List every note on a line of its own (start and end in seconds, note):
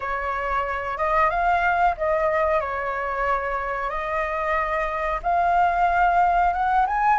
0.00 0.97 C#5
0.97 1.30 D#5
1.30 1.95 F5
1.97 2.60 D#5
2.60 3.89 C#5
3.89 5.20 D#5
5.23 6.53 F5
6.53 6.85 F#5
6.86 7.19 G#5